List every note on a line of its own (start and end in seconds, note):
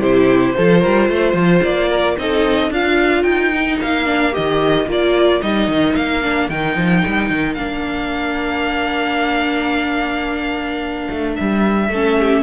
0.00 0.54 C3
0.00 0.55 E4
0.00 0.55 G4
0.00 1.63 C5
0.56 0.85 F3
0.56 2.18 F4
0.56 0.81 A4
0.81 1.08 G3
0.81 1.08 A#4
1.08 1.33 A3
1.08 1.88 C5
1.33 1.60 F3
1.62 2.16 A#3
1.62 2.17 D5
1.88 2.15 A#4
2.18 2.70 C4
2.18 2.72 D#4
2.18 2.74 A4
2.18 2.72 D#5
2.70 3.24 D4
2.70 3.52 F4
2.70 11.92 A#4
2.70 3.23 F5
3.23 3.78 D#4
3.23 3.77 G5
3.52 4.05 D#4
3.81 4.36 A#3
3.81 4.34 F5
4.05 4.31 D4
4.31 4.86 D#3
4.31 4.85 G4
4.31 4.88 D#5
4.86 5.40 A#3
4.86 5.41 F4
4.86 5.42 D5
5.41 5.68 G3
5.41 6.22 D#4
5.41 5.95 D#5
5.68 5.95 D#3
5.95 6.49 A#3
5.95 6.49 F5
6.22 6.49 D4
6.49 6.76 D#3
6.49 7.57 D#4
6.49 7.54 G5
6.76 7.03 F3
7.06 7.30 G3
7.30 7.56 D#3
7.54 11.08 A#3
7.54 11.89 D4
7.54 11.32 F5
11.10 11.37 A3
11.36 11.89 G3
11.36 12.42 E5
11.89 12.42 A3
11.89 12.42 C#4
11.89 12.19 A4
12.19 12.42 G4